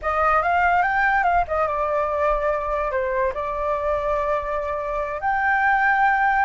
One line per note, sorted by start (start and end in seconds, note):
0.02 0.42 D#5
0.42 0.82 F5
0.82 1.23 G5
1.23 1.44 F5
1.47 1.67 D#5
1.67 2.91 D5
2.91 3.32 C5
3.34 5.21 D5
5.21 6.45 G5